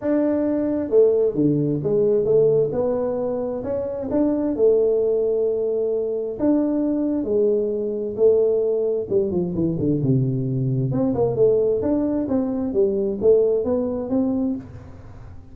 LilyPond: \new Staff \with { instrumentName = "tuba" } { \time 4/4 \tempo 4 = 132 d'2 a4 d4 | gis4 a4 b2 | cis'4 d'4 a2~ | a2 d'2 |
gis2 a2 | g8 f8 e8 d8 c2 | c'8 ais8 a4 d'4 c'4 | g4 a4 b4 c'4 | }